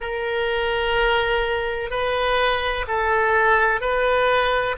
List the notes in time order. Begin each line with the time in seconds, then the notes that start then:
0.00 A#4
1.90 B4
2.87 A4
3.81 B4